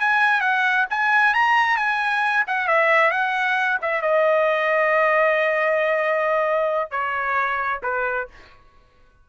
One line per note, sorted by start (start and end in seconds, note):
0.00 0.41 G#5
0.41 0.86 F#5
0.90 1.34 G#5
1.34 1.77 A#5
1.77 2.44 G#5
2.47 2.68 F#5
2.68 3.11 E5
3.11 3.78 F#5
3.82 4.02 E5
4.02 6.91 D#5
6.91 7.81 C#5
7.83 8.28 B4